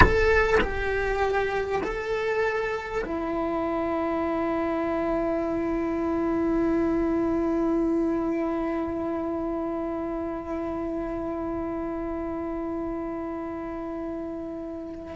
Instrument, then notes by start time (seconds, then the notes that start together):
cello
0.00 A4
0.60 G4
1.83 A4
3.04 E4